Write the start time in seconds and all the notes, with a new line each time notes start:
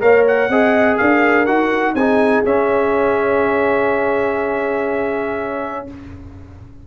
0.00 A#3 A#4 C#5 F5
0.27 F#5
0.49 C4 G#4 D#5
0.97 D4 A#4 F5
1.46 D#4 F#4 F#5
1.94 C4 D#4 G#4 G#5
2.45 C#4 E5